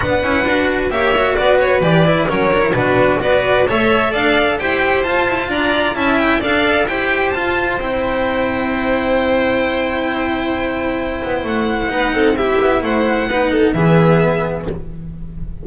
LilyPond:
<<
  \new Staff \with { instrumentName = "violin" } { \time 4/4 \tempo 4 = 131 fis''2 e''4 d''8 cis''8 | d''4 cis''4 b'4 d''4 | e''4 f''4 g''4 a''4 | ais''4 a''8 g''8 f''4 g''4 |
a''4 g''2.~ | g''1~ | g''4 fis''2 e''4 | fis''2 e''2 | }
  \new Staff \with { instrumentName = "violin" } { \time 4/4 b'2 cis''4 b'4~ | b'4 ais'4 fis'4 b'4 | cis''4 d''4 c''2 | d''4 e''4 d''4 c''4~ |
c''1~ | c''1~ | c''2 b'8 a'8 g'4 | c''4 b'8 a'8 gis'2 | }
  \new Staff \with { instrumentName = "cello" } { \time 4/4 d'8 e'8 fis'4 g'8 fis'4. | g'8 e'8 cis'8 d'16 e'16 d'4 fis'4 | a'2 g'4 f'4~ | f'4 e'4 a'4 g'4 |
f'4 e'2.~ | e'1~ | e'2 dis'4 e'4~ | e'4 dis'4 b2 | }
  \new Staff \with { instrumentName = "double bass" } { \time 4/4 b8 cis'8 d'4 ais4 b4 | e4 fis4 b,4 b4 | a4 d'4 e'4 f'8 e'8 | d'4 cis'4 d'4 e'4 |
f'4 c'2.~ | c'1~ | c'8 b8 a4 b8 c'4 b8 | a4 b4 e2 | }
>>